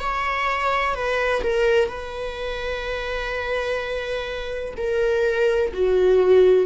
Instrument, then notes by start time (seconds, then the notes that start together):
viola
0.00 C#5
0.94 B4
1.43 A#4
1.88 B4
4.77 A#4
5.73 F#4